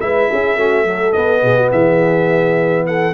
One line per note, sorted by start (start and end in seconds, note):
0.00 0.29 G#3
0.00 0.57 E4
0.00 0.29 B4
0.00 1.12 E5
0.29 0.55 C#4
0.29 0.57 G#4
0.55 1.12 A3
0.55 0.84 C#4
0.55 0.85 F#4
0.84 1.13 F#3
0.84 1.42 A4
1.12 3.13 B3
1.12 1.42 B3
1.12 1.69 D#5
1.42 1.71 B2
1.42 1.56 G#4
1.56 1.70 F#4
1.71 3.14 E3
1.71 2.86 G#4
1.71 2.85 E5
2.86 3.14 A4
2.86 3.14 F#5